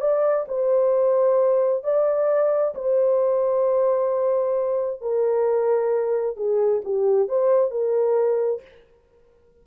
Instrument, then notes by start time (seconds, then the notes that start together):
horn
0.00 D5
0.48 C5
1.83 D5
2.75 C5
5.01 A#4
6.36 G#4
6.84 G4
7.28 C5
7.70 A#4